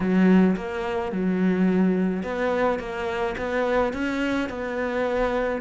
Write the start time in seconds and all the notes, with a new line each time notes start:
0.00 F#3
0.56 A#3
1.12 F#3
2.23 B3
2.79 A#3
3.37 B3
3.93 C#4
4.49 B3